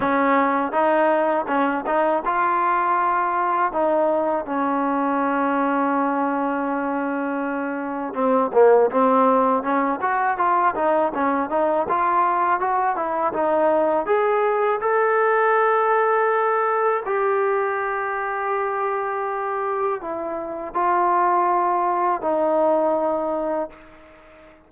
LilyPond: \new Staff \with { instrumentName = "trombone" } { \time 4/4 \tempo 4 = 81 cis'4 dis'4 cis'8 dis'8 f'4~ | f'4 dis'4 cis'2~ | cis'2. c'8 ais8 | c'4 cis'8 fis'8 f'8 dis'8 cis'8 dis'8 |
f'4 fis'8 e'8 dis'4 gis'4 | a'2. g'4~ | g'2. e'4 | f'2 dis'2 | }